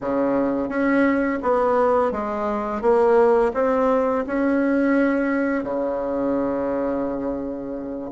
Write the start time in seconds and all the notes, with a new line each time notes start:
0.01 C#3
0.68 C#4
1.42 B3
2.11 G#3
2.81 A#3
3.54 C4
4.26 C#4
5.63 C#3